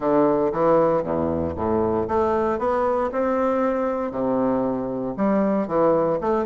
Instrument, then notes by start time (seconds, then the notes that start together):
bassoon
0.00 D3
0.52 E3
1.03 E2
1.56 A2
2.08 A3
2.58 B3
3.12 C4
4.11 C3
5.17 G3
5.67 E3
6.21 A3